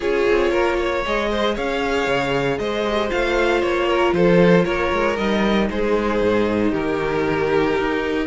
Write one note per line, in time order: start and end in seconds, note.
0.00 0.27 C#4
0.00 1.04 F4
0.00 0.50 G#4
0.00 1.04 C#5
0.28 0.54 C4
0.50 1.05 A#3
0.50 0.76 A#4
0.77 1.29 C#5
1.05 1.57 G#3
1.05 2.84 G#4
1.05 1.57 D#5
1.30 1.54 C5
1.54 2.06 C#4
1.54 2.58 C#5
1.54 2.58 F5
2.06 2.58 C#3
2.58 3.10 G#3
2.58 3.88 C5
2.58 3.10 D#5
2.84 3.10 G4
3.10 3.62 A3
3.10 5.16 F4
3.10 3.61 F5
3.61 4.12 A#3
3.61 4.13 C#5
3.88 4.14 A#4
4.12 4.64 F3
4.12 4.64 A4
4.12 4.65 C5
4.64 4.92 A#3
4.64 5.67 A#4
4.64 5.16 C#5
4.92 5.18 G#3
5.16 5.69 G3
5.16 8.26 D#4
5.16 5.68 D#5
5.70 6.21 G#3
5.70 6.70 G#4
5.70 6.73 C5
6.21 6.73 G#2
6.70 7.76 D#3
6.70 8.26 G4
6.70 8.26 A#4
7.77 8.26 D#4